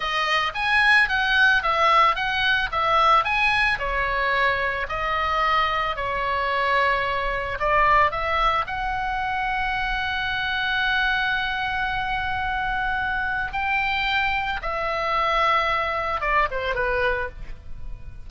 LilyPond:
\new Staff \with { instrumentName = "oboe" } { \time 4/4 \tempo 4 = 111 dis''4 gis''4 fis''4 e''4 | fis''4 e''4 gis''4 cis''4~ | cis''4 dis''2 cis''4~ | cis''2 d''4 e''4 |
fis''1~ | fis''1~ | fis''4 g''2 e''4~ | e''2 d''8 c''8 b'4 | }